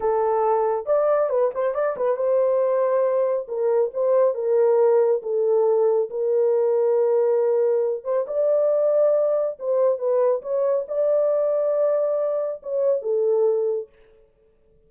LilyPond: \new Staff \with { instrumentName = "horn" } { \time 4/4 \tempo 4 = 138 a'2 d''4 b'8 c''8 | d''8 b'8 c''2. | ais'4 c''4 ais'2 | a'2 ais'2~ |
ais'2~ ais'8 c''8 d''4~ | d''2 c''4 b'4 | cis''4 d''2.~ | d''4 cis''4 a'2 | }